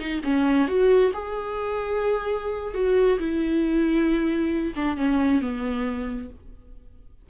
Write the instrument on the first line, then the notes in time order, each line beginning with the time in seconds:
viola
0.00 D#4
0.24 C#4
0.68 F#4
1.14 G#4
2.75 F#4
3.19 E4
4.76 D4
4.98 C#4
5.42 B3